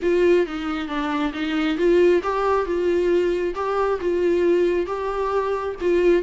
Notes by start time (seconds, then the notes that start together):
0.02 F4
0.46 D#4
0.87 D4
1.33 D#4
1.77 F4
2.22 G4
2.65 F4
3.54 G4
4.00 F4
4.86 G4
5.80 F4